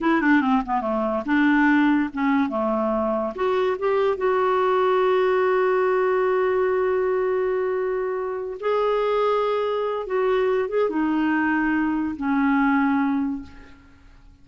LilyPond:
\new Staff \with { instrumentName = "clarinet" } { \time 4/4 \tempo 4 = 143 e'8 d'8 c'8 b8 a4 d'4~ | d'4 cis'4 a2 | fis'4 g'4 fis'2~ | fis'1~ |
fis'1~ | fis'8 gis'2.~ gis'8 | fis'4. gis'8 dis'2~ | dis'4 cis'2. | }